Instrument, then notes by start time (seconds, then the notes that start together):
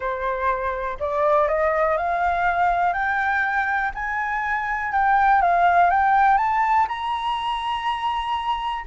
flute
0.00 C5
0.99 D5
1.48 D#5
1.97 F5
2.93 G5
3.94 G#5
4.92 G5
5.41 F5
5.90 G5
6.37 A5
6.88 A#5